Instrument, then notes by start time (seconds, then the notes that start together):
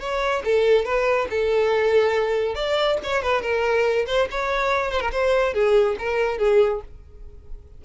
violin
0.00 C#5
0.45 A4
0.85 B4
1.30 A4
2.55 D5
3.03 C#5
3.22 B4
3.42 A#4
4.07 C5
4.31 C#5
4.91 C5
5.01 A#4
5.12 C5
5.54 G#4
5.99 A#4
6.38 G#4